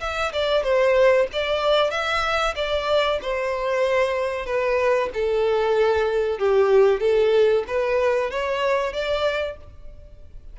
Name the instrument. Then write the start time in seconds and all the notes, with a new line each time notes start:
violin
0.00 E5
0.32 D5
0.63 C5
1.32 D5
1.90 E5
2.55 D5
3.22 C5
4.46 B4
5.14 A4
6.39 G4
7.00 A4
7.67 B4
8.30 C#5
8.93 D5